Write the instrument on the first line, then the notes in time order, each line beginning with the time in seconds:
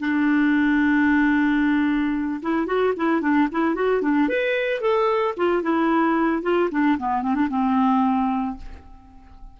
clarinet
0.00 D4
2.43 E4
2.67 F#4
2.97 E4
3.22 D4
3.52 E4
3.75 F#4
4.02 D4
4.29 B4
4.81 A4
5.37 F4
5.63 E4
6.43 F4
6.71 D4
6.99 B3
7.22 C4
7.35 D4
7.50 C4